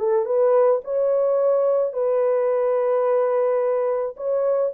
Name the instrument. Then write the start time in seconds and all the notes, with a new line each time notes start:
horn
0.00 A4
0.26 B4
0.85 C#5
1.94 B4
4.17 C#5